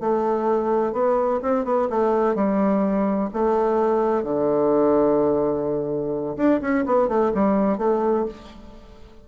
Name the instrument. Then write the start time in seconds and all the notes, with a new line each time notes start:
bassoon
0.00 A3
0.92 B3
1.42 C4
1.64 B3
1.89 A3
2.35 G3
3.33 A3
4.23 D3
6.36 D4
6.61 C#4
6.85 B3
7.08 A3
7.34 G3
7.78 A3